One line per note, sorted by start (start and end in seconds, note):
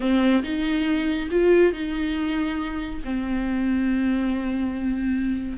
0.00 0.42 C4
0.43 1.29 D#4
1.30 1.72 F4
1.72 3.01 D#4
3.04 5.57 C4